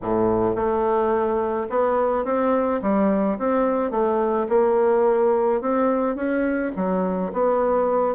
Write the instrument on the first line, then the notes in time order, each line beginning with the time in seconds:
bassoon
0.02 A2
0.55 A3
1.69 B3
2.24 C4
2.81 G3
3.38 C4
3.90 A3
4.49 A#3
5.61 C4
6.15 C#4
6.75 F#3
7.33 B3